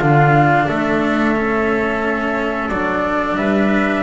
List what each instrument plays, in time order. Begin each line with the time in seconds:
0.00 double bass D3, cello D4, trumpet F4, flute F5
0.69 double bass A3, trumpet A4, flute E5
1.36 cello C#4
2.69 double bass F#3, cello D4, flute D5
3.37 double bass G3, trumpet B4, flute E5